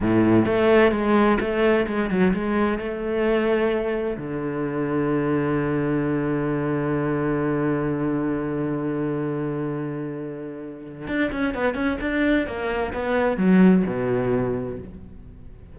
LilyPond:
\new Staff \with { instrumentName = "cello" } { \time 4/4 \tempo 4 = 130 a,4 a4 gis4 a4 | gis8 fis8 gis4 a2~ | a4 d2.~ | d1~ |
d1~ | d1 | d'8 cis'8 b8 cis'8 d'4 ais4 | b4 fis4 b,2 | }